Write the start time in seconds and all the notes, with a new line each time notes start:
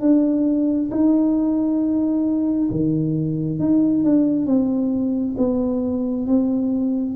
0.00 D4
0.90 D#4
2.70 D#3
3.59 D#4
4.03 D4
4.46 C4
5.37 B3
6.26 C4